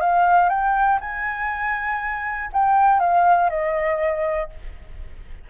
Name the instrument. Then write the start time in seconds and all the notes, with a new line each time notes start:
flute
0.00 F5
0.49 G5
1.00 G#5
2.52 G5
2.99 F5
3.49 D#5